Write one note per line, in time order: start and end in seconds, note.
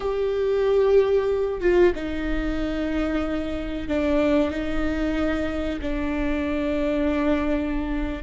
0.00 1.60 G4
1.60 1.92 F4
1.95 3.88 D#4
3.88 4.50 D4
4.50 5.79 D#4
5.81 8.23 D4